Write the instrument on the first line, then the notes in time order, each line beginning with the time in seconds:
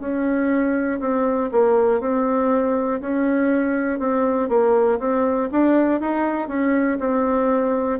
bassoon
0.00 C#4
1.00 C4
1.52 A#3
2.00 C4
3.01 C#4
4.00 C4
4.49 A#3
4.99 C4
5.51 D4
6.00 D#4
6.48 C#4
7.00 C4